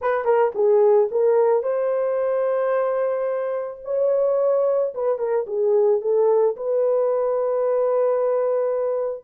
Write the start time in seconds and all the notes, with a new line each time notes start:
0.01 B4
0.25 A#4
0.54 G#4
1.11 A#4
1.62 C5
3.84 C#5
4.94 B4
5.18 A#4
5.46 G#4
6.01 A4
6.56 B4